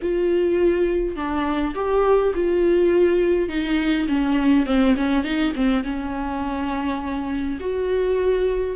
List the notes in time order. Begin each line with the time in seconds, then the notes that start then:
0.02 F4
1.16 D4
1.74 G4
2.35 F4
3.48 D#4
4.08 C#4
4.66 C4
4.96 C#4
5.23 D#4
5.55 C4
5.84 C#4
7.59 F#4